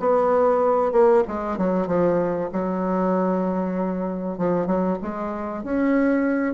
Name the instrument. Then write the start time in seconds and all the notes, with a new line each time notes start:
bassoon
0.00 B3
0.92 A#3
1.28 G#3
1.58 F#3
1.88 F3
2.53 F#3
4.38 F3
4.67 F#3
5.02 G#3
5.64 C#4